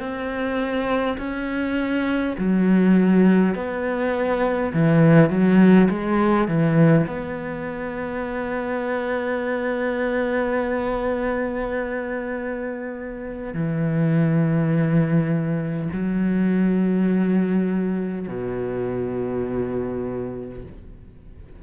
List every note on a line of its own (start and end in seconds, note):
0.00 1.18 C4
1.18 2.36 C#4
2.39 3.55 F#3
3.55 4.73 B3
4.74 5.30 E3
5.30 5.89 F#3
5.90 6.48 G#3
6.48 7.07 E3
7.07 13.54 B3
13.54 15.89 E3
15.93 18.28 F#3
18.28 20.64 B2